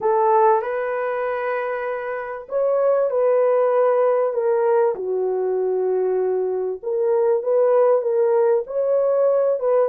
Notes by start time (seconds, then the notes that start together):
0.00 A4
0.62 B4
2.49 C#5
3.10 B4
4.33 A#4
4.95 F#4
6.82 A#4
7.42 B4
8.01 A#4
8.66 C#5
9.59 B4